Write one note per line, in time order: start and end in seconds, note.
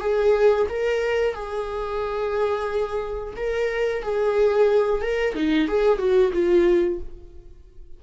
0.00 0.67 G#4
0.69 1.34 A#4
1.34 3.34 G#4
3.36 4.02 A#4
4.02 5.01 G#4
5.01 5.35 A#4
5.35 5.68 D#4
5.68 5.98 G#4
5.98 6.32 F#4
6.33 6.99 F4